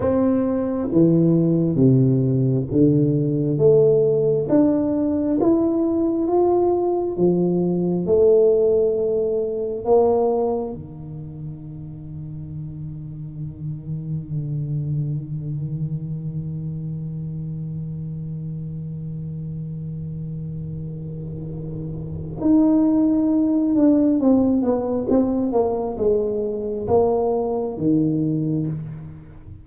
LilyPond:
\new Staff \with { instrumentName = "tuba" } { \time 4/4 \tempo 4 = 67 c'4 e4 c4 d4 | a4 d'4 e'4 f'4 | f4 a2 ais4 | dis1~ |
dis1~ | dis1~ | dis4 dis'4. d'8 c'8 b8 | c'8 ais8 gis4 ais4 dis4 | }